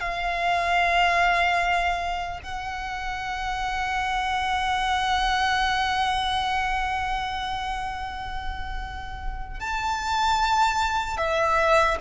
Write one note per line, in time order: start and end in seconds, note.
0.00 2.40 F5
2.43 9.60 F#5
9.60 11.17 A5
11.17 11.97 E5